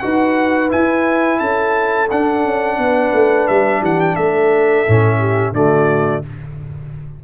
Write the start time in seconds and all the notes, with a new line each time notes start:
0.00 D#4 F#4 B4 F#5
0.70 E4 G#5
1.39 C#4 A4 A5
2.11 D4 F#5
2.45 C#4
2.78 B3 B4
3.13 A3
3.48 G3 E5
3.80 E3 G4 F#5
4.01 G5
4.16 A3 A4 E5
4.88 A2 C#4
5.19 G4
5.52 D3 A3 F#4 D5